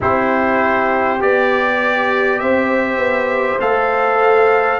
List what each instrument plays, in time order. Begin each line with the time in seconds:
0.00 tuba C4, trombone E4, horn G4, trumpet C5
1.19 tuba B3, trombone G4, trumpet D5
2.39 tuba C4, horn C5, trumpet E5
2.96 tuba B3
3.60 tuba A3, trombone A4, trumpet F5